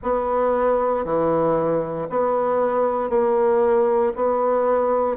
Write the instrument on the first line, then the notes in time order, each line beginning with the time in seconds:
bassoon
0.03 B3
1.04 E3
2.09 B3
3.09 A#3
4.15 B3